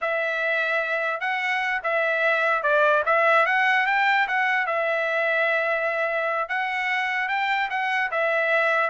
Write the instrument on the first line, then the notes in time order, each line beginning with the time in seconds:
trumpet
0.01 E5
1.20 F#5
1.83 E5
2.62 D5
3.05 E5
3.46 F#5
3.86 G5
4.27 F#5
4.66 E5
6.48 F#5
7.28 G5
7.70 F#5
8.11 E5